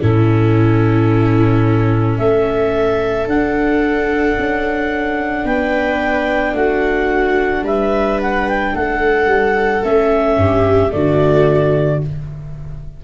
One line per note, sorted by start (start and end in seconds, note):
0.00 2.18 A2
0.00 3.28 C#4
0.00 2.18 E4
0.00 2.17 A4
2.17 3.26 A3
2.17 5.45 A4
2.17 3.27 E5
3.26 4.35 D4
3.26 9.82 D4
3.26 5.45 F#5
4.37 5.44 C#4
5.44 6.53 B3
5.44 6.55 B4
5.44 6.55 G5
6.53 7.62 A3
6.53 7.64 F#4
6.53 7.64 F#5
7.62 8.71 G3
7.62 8.73 B4
7.62 8.20 E5
8.21 8.48 F#5
8.48 8.75 G5
8.74 9.26 A3
8.74 10.37 A4
8.74 9.84 F#5
9.26 9.80 G3
9.82 10.36 A3
9.82 10.89 C#4
9.82 10.91 E5
10.36 10.91 G2
10.36 10.93 G4
10.89 12.02 D3
10.89 11.98 A3
10.89 12.04 F#4
10.89 12.00 D5